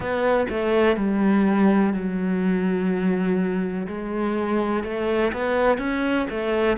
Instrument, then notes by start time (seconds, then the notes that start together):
cello
0.00 B3
0.49 A3
0.96 G3
1.93 F#3
3.87 G#3
4.83 A3
5.32 B3
5.78 C#4
6.29 A3